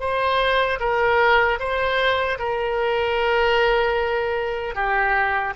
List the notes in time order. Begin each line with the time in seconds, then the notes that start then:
0.00 C5
0.80 A#4
1.60 C5
2.39 A#4
4.75 G4